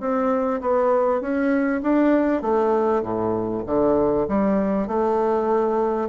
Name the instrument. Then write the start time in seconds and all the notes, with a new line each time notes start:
bassoon
0.00 C4
0.61 B3
1.21 C#4
1.82 D4
2.42 A3
3.02 A2
3.66 D3
4.28 G3
4.87 A3